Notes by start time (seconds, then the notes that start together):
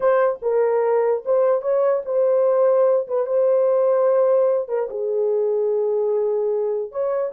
0.00 C5
0.42 A#4
1.25 C5
1.61 C#5
2.05 C5
3.07 B4
3.26 C5
4.68 A#4
4.90 G#4
6.91 C#5